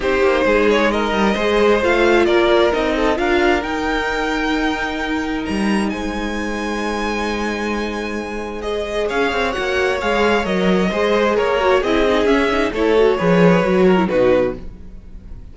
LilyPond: <<
  \new Staff \with { instrumentName = "violin" } { \time 4/4 \tempo 4 = 132 c''4. cis''8 dis''2 | f''4 d''4 dis''4 f''4 | g''1 | ais''4 gis''2.~ |
gis''2. dis''4 | f''4 fis''4 f''4 dis''4~ | dis''4 cis''4 dis''4 e''4 | cis''2. b'4 | }
  \new Staff \with { instrumentName = "violin" } { \time 4/4 g'4 gis'4 ais'4 c''4~ | c''4 ais'4. a'8 ais'4~ | ais'1~ | ais'4 c''2.~ |
c''1 | cis''1 | c''4 ais'4 gis'2 | a'4 b'4. ais'8 fis'4 | }
  \new Staff \with { instrumentName = "viola" } { \time 4/4 dis'2. gis'4 | f'2 dis'4 f'4 | dis'1~ | dis'1~ |
dis'2. gis'4~ | gis'4 fis'4 gis'4 ais'4 | gis'4. fis'8 e'8 dis'8 cis'8 dis'8 | e'8 fis'8 gis'4 fis'8. e'16 dis'4 | }
  \new Staff \with { instrumentName = "cello" } { \time 4/4 c'8 ais8 gis4. g8 gis4 | a4 ais4 c'4 d'4 | dis'1 | g4 gis2.~ |
gis1 | cis'8 c'8 ais4 gis4 fis4 | gis4 ais4 c'4 cis'4 | a4 f4 fis4 b,4 | }
>>